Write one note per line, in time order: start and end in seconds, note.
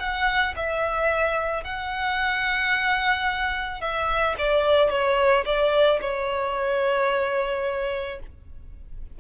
0.00 0.55 F#5
0.57 1.64 E5
1.64 3.81 F#5
3.81 4.36 E5
4.38 4.90 D5
4.90 5.45 C#5
5.46 6.00 D5
6.01 8.20 C#5